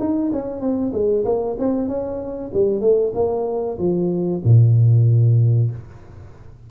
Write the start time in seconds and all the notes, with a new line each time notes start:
0.00 D#4
0.33 C#4
0.61 C4
0.93 G#3
1.25 A#3
1.59 C4
1.89 C#4
2.54 G3
2.81 A3
3.15 A#3
3.78 F3
4.44 A#2